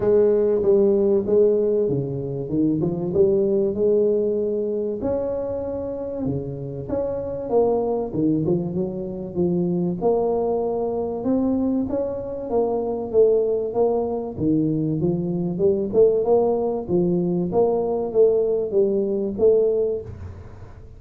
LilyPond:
\new Staff \with { instrumentName = "tuba" } { \time 4/4 \tempo 4 = 96 gis4 g4 gis4 cis4 | dis8 f8 g4 gis2 | cis'2 cis4 cis'4 | ais4 dis8 f8 fis4 f4 |
ais2 c'4 cis'4 | ais4 a4 ais4 dis4 | f4 g8 a8 ais4 f4 | ais4 a4 g4 a4 | }